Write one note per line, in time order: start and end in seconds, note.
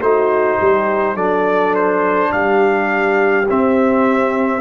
0.00 0.58 A3
0.00 1.16 D#4
0.00 0.59 F#4
0.00 1.17 C5
0.59 1.15 G3
0.59 1.15 G4
1.15 2.31 F#3
1.15 3.47 D4
1.15 2.31 A4
1.15 1.75 D5
1.75 2.32 C5
2.32 3.48 G3
2.32 4.61 G4
2.32 3.48 F5
3.49 4.61 C4
3.49 4.61 E5